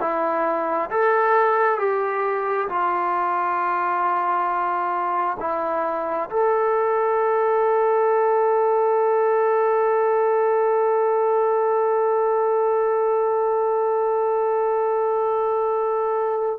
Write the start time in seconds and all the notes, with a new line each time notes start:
0.00 E4
0.90 A4
1.78 G4
2.68 F4
5.39 E4
6.29 A4